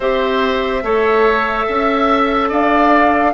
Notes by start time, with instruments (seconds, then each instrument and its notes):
0.00 bassoon C4, clarinet G4, oboe C5, flute E5
0.83 bassoon A3, clarinet A4, oboe C#5
1.66 bassoon C#4, oboe E5
2.48 bassoon D4, oboe D5, flute F5